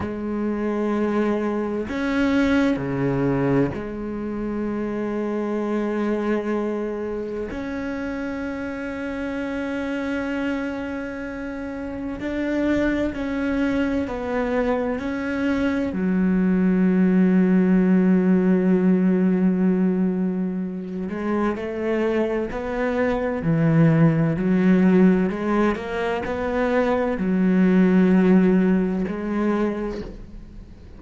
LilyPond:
\new Staff \with { instrumentName = "cello" } { \time 4/4 \tempo 4 = 64 gis2 cis'4 cis4 | gis1 | cis'1~ | cis'4 d'4 cis'4 b4 |
cis'4 fis2.~ | fis2~ fis8 gis8 a4 | b4 e4 fis4 gis8 ais8 | b4 fis2 gis4 | }